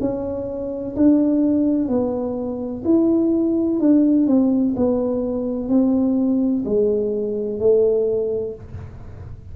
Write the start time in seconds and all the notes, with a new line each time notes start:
0.00 C#4
0.96 D4
1.88 B3
2.85 E4
3.80 D4
4.27 C4
4.76 B3
5.69 C4
6.65 G#3
7.59 A3